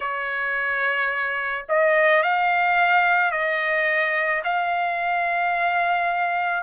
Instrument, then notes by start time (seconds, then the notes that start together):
trumpet
0.00 C#5
1.68 D#5
2.22 F5
3.31 D#5
4.43 F5